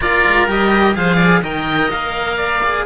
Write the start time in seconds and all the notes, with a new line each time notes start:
0.00 A#3 F4 A#4 D5
0.26 G#3
0.48 G3 G4 D#5
0.94 F3 G#4 C5 F5
1.15 D5
1.42 D#3 A#4 D#5 G5
1.90 A#3 F5
2.36 D5
2.63 G#4